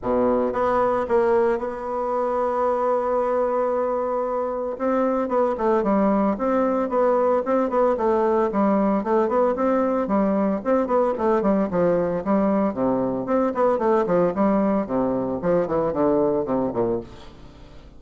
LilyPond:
\new Staff \with { instrumentName = "bassoon" } { \time 4/4 \tempo 4 = 113 b,4 b4 ais4 b4~ | b1~ | b4 c'4 b8 a8 g4 | c'4 b4 c'8 b8 a4 |
g4 a8 b8 c'4 g4 | c'8 b8 a8 g8 f4 g4 | c4 c'8 b8 a8 f8 g4 | c4 f8 e8 d4 c8 ais,8 | }